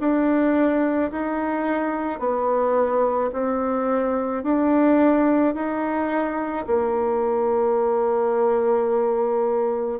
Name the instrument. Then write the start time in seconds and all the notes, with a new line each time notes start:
bassoon
0.00 D4
1.12 D#4
2.20 B3
3.33 C4
4.43 D4
5.55 D#4
6.67 A#3